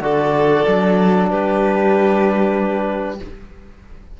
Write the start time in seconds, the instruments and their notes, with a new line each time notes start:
0.00 cello D3, trombone F#4, violin A4, clarinet D5
0.66 cello F#3, trombone D4
1.29 cello G3, violin G4, clarinet B4